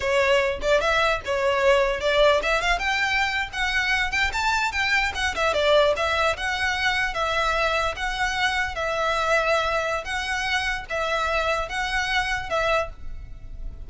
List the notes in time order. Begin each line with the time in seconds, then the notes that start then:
0.00 C#5
0.61 D5
0.80 E5
1.25 C#5
2.00 D5
2.42 E5
2.61 F5
2.78 G5
3.52 F#5
4.11 G5
4.33 A5
4.72 G5
5.14 F#5
5.35 E5
5.53 D5
5.96 E5
6.36 F#5
7.14 E5
7.95 F#5
8.75 E5
10.04 F#5
10.89 E5
11.69 F#5
12.49 E5